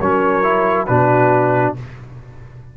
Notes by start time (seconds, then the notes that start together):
0.00 F#3 C#4 A#4 C#5
0.43 E4
0.86 B2 D4 F#4 B4